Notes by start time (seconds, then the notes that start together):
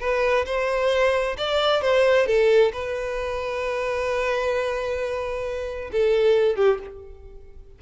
0.00 B4
0.46 C5
1.38 D5
1.81 C5
2.26 A4
2.73 B4
5.92 A4
6.56 G4